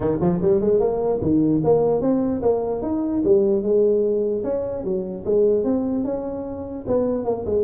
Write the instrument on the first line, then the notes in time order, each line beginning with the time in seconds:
tuba
0.00 D#3
0.20 F3
0.41 G3
0.60 G#3
0.80 A#3
1.21 D#3
1.63 A#3
2.01 C4
2.42 A#3
2.82 D#4
3.24 G3
3.62 G#3
4.43 C#4
4.84 F#3
5.25 G#3
5.64 C4
6.04 C#4
6.87 B3
7.24 A#3
7.45 G#3